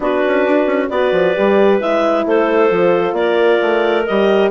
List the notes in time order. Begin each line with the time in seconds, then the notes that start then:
0.00 B3 D4 F#4 B4
0.26 C#4
0.45 D4
0.66 C#4
0.89 B3 F#4 B4 D5
1.12 F3
1.35 G3 G4
1.80 G#3 E4 E5
2.25 A3 A4 C5
2.69 F3 F4
3.12 A#3 A#4 D5
3.61 A3
4.05 G3 G4 D#5